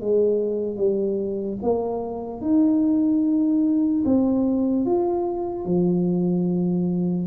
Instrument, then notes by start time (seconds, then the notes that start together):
tuba
0.00 G#3
0.77 G3
1.62 A#3
2.41 D#4
4.05 C4
4.85 F4
5.65 F3